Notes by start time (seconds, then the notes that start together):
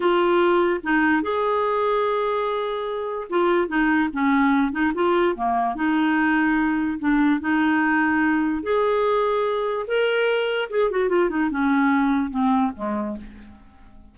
0.00 F4
0.83 D#4
1.22 G#4
3.29 F4
3.68 D#4
4.12 C#4
4.71 D#4
4.94 F4
5.35 A#3
5.75 D#4
6.99 D4
7.40 D#4
8.62 G#4
9.87 A#4
10.70 G#4
10.90 F#4
11.09 F4
11.29 D#4
11.50 C#4
12.30 C4
12.76 G#3